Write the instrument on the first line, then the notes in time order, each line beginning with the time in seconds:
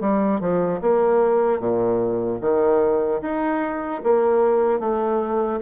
bassoon
0.00 G3
0.40 F3
0.81 A#3
1.59 A#2
2.40 D#3
3.21 D#4
4.03 A#3
4.79 A3